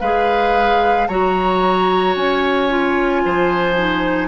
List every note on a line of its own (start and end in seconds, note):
0.00 1.08 G#3
0.00 1.09 G#4
0.00 1.07 B4
0.00 1.07 F5
1.07 2.15 F#3
1.07 2.69 F#4
1.07 3.22 C#5
1.07 2.14 A#5
2.15 3.22 C#4
2.15 4.28 G#5
2.69 3.76 F4
3.24 4.28 F3
3.24 4.28 C5
3.77 4.28 D#4